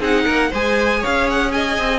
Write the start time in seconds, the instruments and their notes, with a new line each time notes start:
0.00 cello C4, viola D#4, violin G#4 F#5
0.25 cello A#3, violin A#4
0.50 cello G#3, viola G#4, violin C5 G#5
1.00 violin C#5 F5
1.07 cello C#4
1.30 violin F#5
1.52 violin D#5 G#5
1.78 cello C4